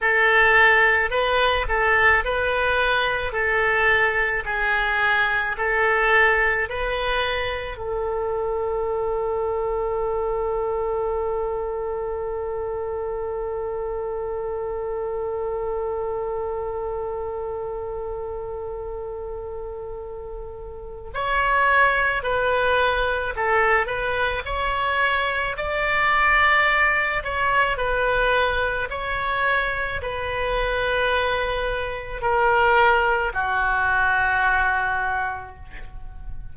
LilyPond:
\new Staff \with { instrumentName = "oboe" } { \time 4/4 \tempo 4 = 54 a'4 b'8 a'8 b'4 a'4 | gis'4 a'4 b'4 a'4~ | a'1~ | a'1~ |
a'2. cis''4 | b'4 a'8 b'8 cis''4 d''4~ | d''8 cis''8 b'4 cis''4 b'4~ | b'4 ais'4 fis'2 | }